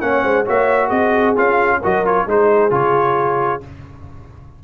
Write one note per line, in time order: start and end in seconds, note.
0.00 0.23 A#3
0.00 0.45 C#4
0.00 0.23 C#5
0.00 0.45 F#5
0.23 0.46 G#3
0.23 0.45 C5
0.45 0.90 A#3
0.45 1.36 F#4
0.45 0.87 C#5
0.45 0.89 E5
0.87 1.35 C4
0.87 1.77 G#4
0.87 1.34 D#5
1.36 1.82 C#4
1.36 1.81 F4
1.36 1.83 F5
1.82 2.26 F#3
1.82 2.05 F#4
1.82 2.27 A#4
1.82 2.06 D#5
2.05 2.27 F4
2.05 2.28 C#5
2.26 2.71 G#3
2.26 2.70 D#4
2.26 3.63 G#4
2.26 2.73 C5
2.70 3.61 C#3
2.70 3.60 F4
2.70 3.63 C#5